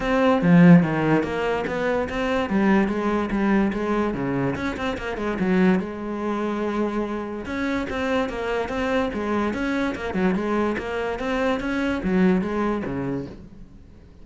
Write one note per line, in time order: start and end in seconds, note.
0.00 0.41 C4
0.41 0.82 F3
0.82 1.23 D#3
1.23 1.64 A#3
1.66 2.08 B3
2.09 2.49 C4
2.49 2.88 G3
2.88 3.29 G#3
3.30 3.72 G3
3.72 4.14 G#3
4.14 4.55 C#3
4.55 4.76 C#4
4.76 4.97 C4
4.97 5.17 A#3
5.17 5.37 G#3
5.39 5.79 F#3
5.79 7.45 G#3
7.45 7.87 C#4
7.89 8.29 C4
8.29 8.68 A#3
8.68 9.10 C4
9.13 9.53 G#3
9.53 9.95 C#4
9.95 10.14 A#3
10.14 10.34 F#3
10.34 10.76 G#3
10.78 11.19 A#3
11.19 11.60 C4
11.60 12.01 C#4
12.03 12.41 F#3
12.41 12.83 G#3
12.84 13.26 C#3